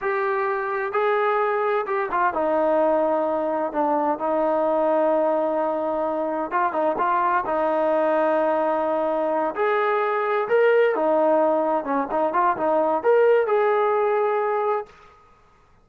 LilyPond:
\new Staff \with { instrumentName = "trombone" } { \time 4/4 \tempo 4 = 129 g'2 gis'2 | g'8 f'8 dis'2. | d'4 dis'2.~ | dis'2 f'8 dis'8 f'4 |
dis'1~ | dis'8 gis'2 ais'4 dis'8~ | dis'4. cis'8 dis'8 f'8 dis'4 | ais'4 gis'2. | }